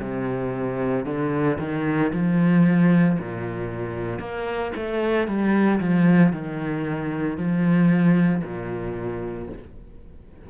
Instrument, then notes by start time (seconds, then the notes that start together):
cello
0.00 C3
1.05 D3
1.58 D#3
2.12 F3
3.19 A#2
4.19 A#3
4.75 A3
5.27 G3
5.79 F3
6.32 D#3
7.37 F3
8.43 A#2